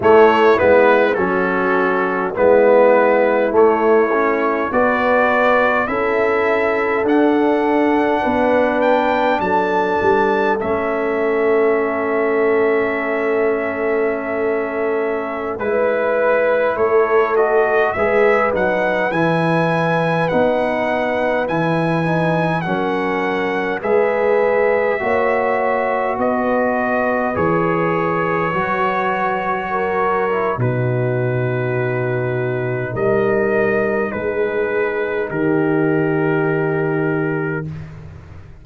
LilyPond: <<
  \new Staff \with { instrumentName = "trumpet" } { \time 4/4 \tempo 4 = 51 cis''8 b'8 a'4 b'4 cis''4 | d''4 e''4 fis''4. g''8 | a''4 e''2.~ | e''4~ e''16 b'4 cis''8 dis''8 e''8 fis''16~ |
fis''16 gis''4 fis''4 gis''4 fis''8.~ | fis''16 e''2 dis''4 cis''8.~ | cis''2 b'2 | dis''4 b'4 ais'2 | }
  \new Staff \with { instrumentName = "horn" } { \time 4/4 e'4 fis'4 e'2 | b'4 a'2 b'4 | a'1~ | a'4~ a'16 b'4 a'4 b'8.~ |
b'2.~ b'16 ais'8.~ | ais'16 b'4 cis''4 b'4.~ b'16~ | b'4~ b'16 ais'8. fis'2 | ais'4 gis'4 g'2 | }
  \new Staff \with { instrumentName = "trombone" } { \time 4/4 a8 b8 cis'4 b4 a8 cis'8 | fis'4 e'4 d'2~ | d'4 cis'2.~ | cis'4~ cis'16 e'4. fis'8 gis'8 dis'16~ |
dis'16 e'4 dis'4 e'8 dis'8 cis'8.~ | cis'16 gis'4 fis'2 gis'8.~ | gis'16 fis'4. e'16 dis'2~ | dis'1 | }
  \new Staff \with { instrumentName = "tuba" } { \time 4/4 a8 gis8 fis4 gis4 a4 | b4 cis'4 d'4 b4 | fis8 g8 a2.~ | a4~ a16 gis4 a4 gis8 fis16~ |
fis16 e4 b4 e4 fis8.~ | fis16 gis4 ais4 b4 e8.~ | e16 fis4.~ fis16 b,2 | g4 gis4 dis2 | }
>>